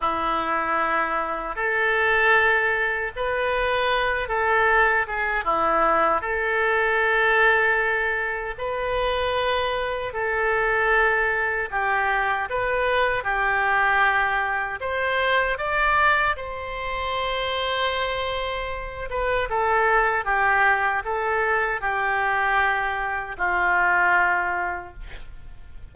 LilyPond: \new Staff \with { instrumentName = "oboe" } { \time 4/4 \tempo 4 = 77 e'2 a'2 | b'4. a'4 gis'8 e'4 | a'2. b'4~ | b'4 a'2 g'4 |
b'4 g'2 c''4 | d''4 c''2.~ | c''8 b'8 a'4 g'4 a'4 | g'2 f'2 | }